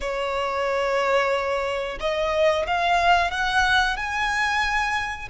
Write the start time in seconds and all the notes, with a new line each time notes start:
0.00 C#5
2.00 D#5
2.66 F5
3.31 F#5
3.97 G#5